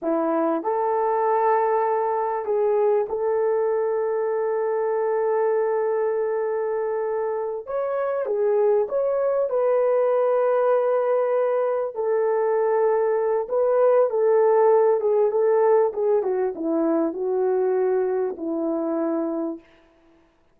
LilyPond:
\new Staff \with { instrumentName = "horn" } { \time 4/4 \tempo 4 = 98 e'4 a'2. | gis'4 a'2.~ | a'1~ | a'8 cis''4 gis'4 cis''4 b'8~ |
b'2.~ b'8 a'8~ | a'2 b'4 a'4~ | a'8 gis'8 a'4 gis'8 fis'8 e'4 | fis'2 e'2 | }